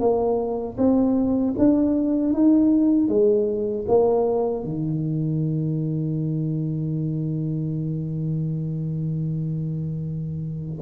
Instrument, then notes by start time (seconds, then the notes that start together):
tuba
0.00 A#3
0.78 C4
1.59 D4
2.33 D#4
3.09 G#3
3.88 A#3
4.64 D#3